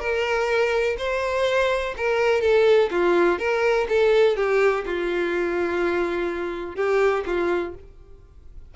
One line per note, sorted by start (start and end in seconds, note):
0.00 0.97 A#4
0.98 1.95 C5
1.98 2.41 A#4
2.41 2.90 A4
2.91 3.39 F4
3.39 3.88 A#4
3.89 4.37 A4
4.37 4.85 G4
4.86 6.76 F4
6.76 7.24 G4
7.26 7.75 F4